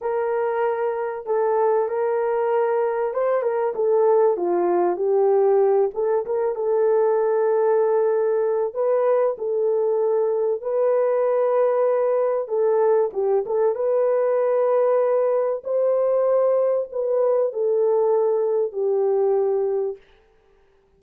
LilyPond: \new Staff \with { instrumentName = "horn" } { \time 4/4 \tempo 4 = 96 ais'2 a'4 ais'4~ | ais'4 c''8 ais'8 a'4 f'4 | g'4. a'8 ais'8 a'4.~ | a'2 b'4 a'4~ |
a'4 b'2. | a'4 g'8 a'8 b'2~ | b'4 c''2 b'4 | a'2 g'2 | }